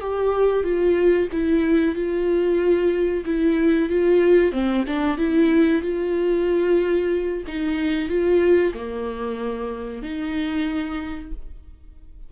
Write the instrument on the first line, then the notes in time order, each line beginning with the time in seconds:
viola
0.00 G4
0.63 F4
1.32 E4
1.95 F4
3.25 E4
3.89 F4
4.52 C4
4.86 D4
5.17 E4
5.82 F4
7.47 D#4
8.08 F4
8.73 A#3
10.02 D#4